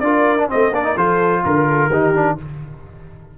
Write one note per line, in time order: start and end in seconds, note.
0.00 0.48 D4
0.00 0.38 F4
0.00 0.50 A#4
0.00 0.47 D5
0.38 0.49 D4
0.49 0.72 A3
0.49 0.72 C4
0.49 0.72 C5
0.49 0.74 D#5
0.72 0.95 A#3
0.72 0.84 D4
0.72 0.96 A#4
0.72 0.97 D5
0.84 0.96 D#4
0.96 1.43 F3
0.96 1.91 F4
0.96 1.43 A4
0.96 1.44 C5
1.45 1.87 D3
1.45 1.68 A#4
1.45 2.38 A#4
1.68 1.90 A4
1.87 2.34 D#3
1.87 2.14 D#4
1.87 2.37 G4
2.14 2.38 D4